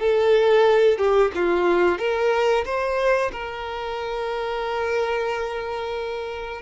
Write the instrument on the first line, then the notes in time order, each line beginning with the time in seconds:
violin
0.00 A4
0.99 G4
1.35 F4
1.99 A#4
2.66 C5
3.32 A#4